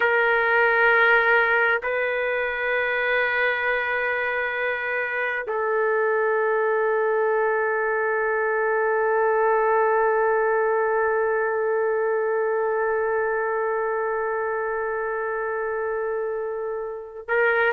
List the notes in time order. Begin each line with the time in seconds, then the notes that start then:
0.00 A#4
1.83 B4
5.47 A4
17.27 A#4